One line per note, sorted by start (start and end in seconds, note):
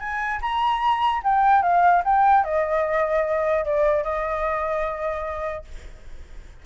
0.00 0.40 G#5
0.42 1.22 A#5
1.24 1.63 G5
1.63 2.03 F5
2.05 2.44 G5
2.44 3.65 D#5
3.65 4.04 D5
4.04 5.65 D#5